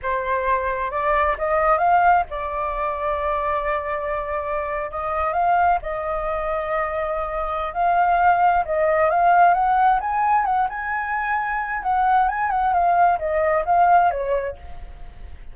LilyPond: \new Staff \with { instrumentName = "flute" } { \time 4/4 \tempo 4 = 132 c''2 d''4 dis''4 | f''4 d''2.~ | d''2~ d''8. dis''4 f''16~ | f''8. dis''2.~ dis''16~ |
dis''4 f''2 dis''4 | f''4 fis''4 gis''4 fis''8 gis''8~ | gis''2 fis''4 gis''8 fis''8 | f''4 dis''4 f''4 cis''4 | }